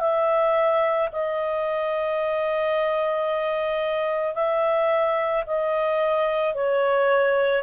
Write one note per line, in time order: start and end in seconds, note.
0.00 1.09 E5
1.12 4.35 D#5
4.35 5.44 E5
5.46 6.55 D#5
6.55 7.63 C#5